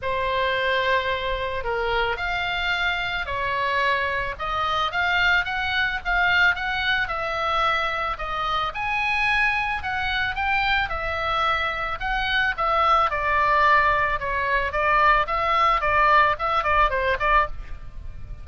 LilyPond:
\new Staff \with { instrumentName = "oboe" } { \time 4/4 \tempo 4 = 110 c''2. ais'4 | f''2 cis''2 | dis''4 f''4 fis''4 f''4 | fis''4 e''2 dis''4 |
gis''2 fis''4 g''4 | e''2 fis''4 e''4 | d''2 cis''4 d''4 | e''4 d''4 e''8 d''8 c''8 d''8 | }